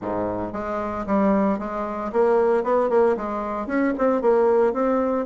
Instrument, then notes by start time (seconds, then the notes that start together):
bassoon
0.01 G#2
0.53 G#3
1.06 G3
1.58 G#3
2.12 A#3
2.63 B3
2.89 A#3
3.17 G#3
3.67 C#4
3.98 C4
4.21 A#3
4.73 C4